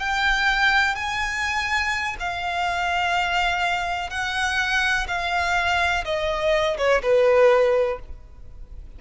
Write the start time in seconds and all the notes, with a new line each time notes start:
0.00 G5
0.95 G#5
2.20 F5
4.10 F#5
5.08 F5
6.05 D#5
6.78 C#5
7.02 B4